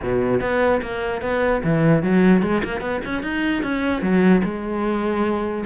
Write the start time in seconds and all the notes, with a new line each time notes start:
0.02 B2
0.40 B3
0.81 A#3
1.21 B3
1.63 E3
2.02 F#3
2.42 G#3
2.64 A#3
2.80 B3
3.04 C#4
3.23 D#4
3.63 C#4
4.02 F#3
4.44 G#3